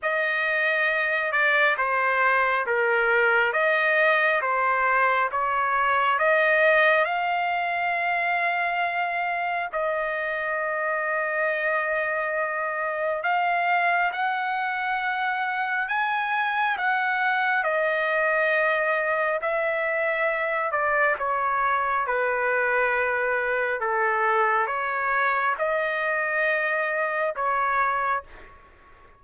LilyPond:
\new Staff \with { instrumentName = "trumpet" } { \time 4/4 \tempo 4 = 68 dis''4. d''8 c''4 ais'4 | dis''4 c''4 cis''4 dis''4 | f''2. dis''4~ | dis''2. f''4 |
fis''2 gis''4 fis''4 | dis''2 e''4. d''8 | cis''4 b'2 a'4 | cis''4 dis''2 cis''4 | }